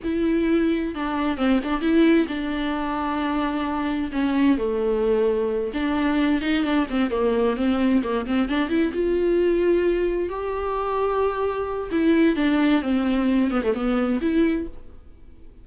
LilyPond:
\new Staff \with { instrumentName = "viola" } { \time 4/4 \tempo 4 = 131 e'2 d'4 c'8 d'8 | e'4 d'2.~ | d'4 cis'4 a2~ | a8 d'4. dis'8 d'8 c'8 ais8~ |
ais8 c'4 ais8 c'8 d'8 e'8 f'8~ | f'2~ f'8 g'4.~ | g'2 e'4 d'4 | c'4. b16 a16 b4 e'4 | }